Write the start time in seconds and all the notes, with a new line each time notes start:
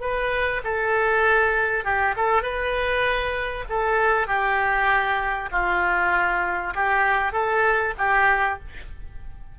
0.00 B4
0.64 A4
1.84 G4
2.16 A4
2.42 B4
3.69 A4
4.27 G4
5.51 F4
6.74 G4
7.32 A4
7.97 G4